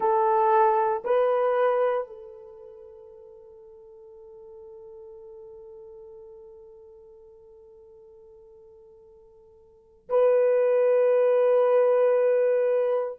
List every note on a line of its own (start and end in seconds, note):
0.00 1.03 A4
1.04 2.07 B4
2.07 10.09 A4
10.09 13.18 B4